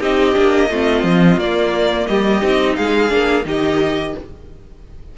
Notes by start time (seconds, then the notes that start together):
0.00 C4 D#4 G4 D#5
0.33 A#3 D4
0.70 A3 C4 F4
1.03 F3
1.37 A#3 D5
2.07 G3 G4 D#5
2.42 C4 D#4
2.76 G#3 G#4 F5
3.09 A#3 D4
3.45 D#3 D#4 G4 D#5